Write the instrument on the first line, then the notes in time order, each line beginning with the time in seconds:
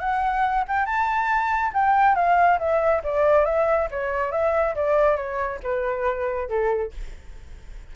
flute
0.00 F#5
0.68 G5
0.86 A5
1.74 G5
2.15 F5
2.59 E5
3.04 D5
3.46 E5
3.91 C#5
4.32 E5
4.75 D5
5.17 C#5
5.64 B4
6.49 A4